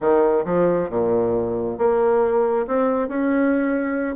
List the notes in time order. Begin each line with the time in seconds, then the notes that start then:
0.00 D#3
0.45 F3
0.89 A#2
1.78 A#3
2.67 C4
3.08 C#4